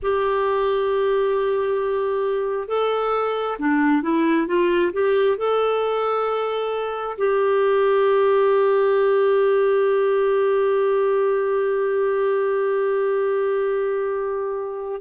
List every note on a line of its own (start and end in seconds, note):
0.02 2.67 G4
2.67 3.57 A4
3.59 4.02 D4
4.02 4.47 E4
4.47 4.92 F4
4.93 5.37 G4
5.37 7.16 A4
7.17 15.01 G4